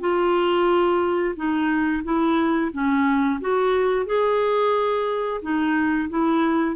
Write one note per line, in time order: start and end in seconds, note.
0.00 1.35 F4
1.36 2.03 D#4
2.04 2.71 E4
2.72 3.40 C#4
3.40 4.06 F#4
4.06 5.41 G#4
5.42 6.09 D#4
6.09 6.76 E4